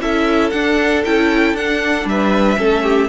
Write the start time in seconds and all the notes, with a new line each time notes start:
0.00 C#4 E4 A4 E5
0.50 D4 F#5
1.05 C#4 E4 G5
1.54 D4 F#5
2.05 G3 B4 E5
2.57 A3 C#4 A4
2.83 G4